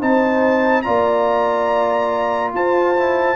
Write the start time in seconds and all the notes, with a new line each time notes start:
0.00 C4 D#4 C5 A5
0.82 A#3 F4 D5 A#5
2.54 F4 C5 A5
2.96 E4